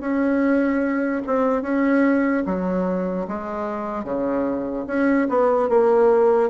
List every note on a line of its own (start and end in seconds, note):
0.00 1.22 C#4
1.27 1.62 C4
1.62 2.43 C#4
2.46 3.27 F#3
3.28 4.04 G#3
4.04 4.85 C#3
4.87 5.28 C#4
5.29 5.69 B3
5.69 6.50 A#3